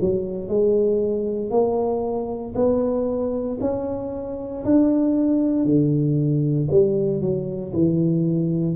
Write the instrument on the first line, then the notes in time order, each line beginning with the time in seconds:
tuba
0.00 F#3
0.48 G#3
1.50 A#3
2.54 B3
3.60 C#4
4.65 D4
5.65 D3
6.71 G3
7.21 F#3
7.73 E3